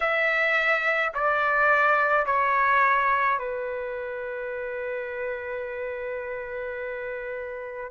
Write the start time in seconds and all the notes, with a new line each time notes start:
0.00 E5
1.13 D5
2.25 C#5
3.39 B4